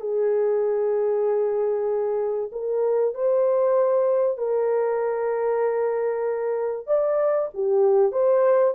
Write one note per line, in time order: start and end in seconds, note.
0.00 2.50 G#4
2.52 3.14 A#4
3.14 4.38 C5
4.38 6.86 A#4
6.86 7.49 D5
7.54 8.11 G4
8.11 8.74 C5